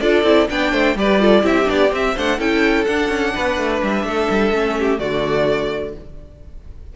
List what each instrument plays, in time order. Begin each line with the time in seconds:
0.00 cello D4, viola F4, violin A4 D5
0.23 cello C4, viola E4
0.49 cello B3, viola D4, violin D5 G5
0.71 cello A3, violin C5
0.95 cello G3, viola G4, violin B4 D5
1.20 viola F4, violin A4
1.42 cello C4, viola E4, violin G4 E5
1.64 cello B3, viola D4, violin D5
1.91 viola C4, cello C4, violin E5
2.15 cello A3, viola D4, violin C5 F#5
2.38 cello C#4, viola E4, violin A4 G5
2.84 viola D4, cello D4, violin F#5
3.09 cello C#4
3.34 cello B3, violin B4
3.57 cello A3
3.82 cello G3, violin E5
4.04 cello A3, violin A4
4.30 cello G3
4.51 cello A3, viola C#4
4.78 violin G4
4.98 cello D3, viola A3, violin F#4 D5